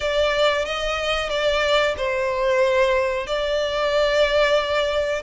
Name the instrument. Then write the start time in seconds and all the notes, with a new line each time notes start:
violin
0.00 D5
0.65 D#5
1.29 D5
1.97 C5
3.26 D5